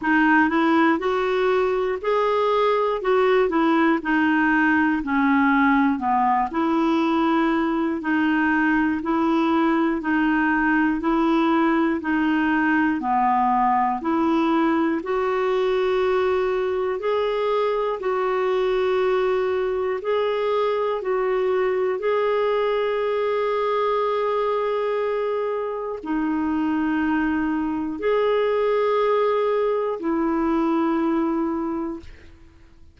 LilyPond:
\new Staff \with { instrumentName = "clarinet" } { \time 4/4 \tempo 4 = 60 dis'8 e'8 fis'4 gis'4 fis'8 e'8 | dis'4 cis'4 b8 e'4. | dis'4 e'4 dis'4 e'4 | dis'4 b4 e'4 fis'4~ |
fis'4 gis'4 fis'2 | gis'4 fis'4 gis'2~ | gis'2 dis'2 | gis'2 e'2 | }